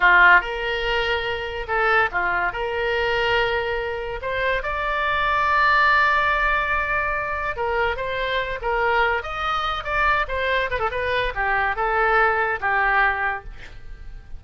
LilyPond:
\new Staff \with { instrumentName = "oboe" } { \time 4/4 \tempo 4 = 143 f'4 ais'2. | a'4 f'4 ais'2~ | ais'2 c''4 d''4~ | d''1~ |
d''2 ais'4 c''4~ | c''8 ais'4. dis''4. d''8~ | d''8 c''4 b'16 a'16 b'4 g'4 | a'2 g'2 | }